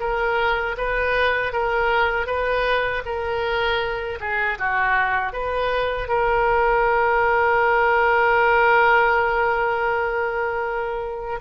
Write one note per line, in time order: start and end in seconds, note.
0.00 0.76 A#4
0.77 1.53 B4
1.53 2.27 A#4
2.27 3.03 B4
3.05 4.19 A#4
4.20 4.58 G#4
4.59 5.33 F#4
5.33 6.08 B4
6.08 11.40 A#4